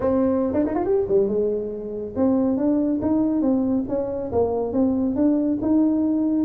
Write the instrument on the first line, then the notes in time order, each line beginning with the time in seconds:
tuba
0.00 C4
0.53 D4
0.65 D#4
0.75 F4
0.85 G4
1.08 G3
1.28 G#3
2.15 C4
2.57 D4
3.01 D#4
3.41 C4
3.88 C#4
4.31 A#3
4.73 C4
5.15 D4
5.61 D#4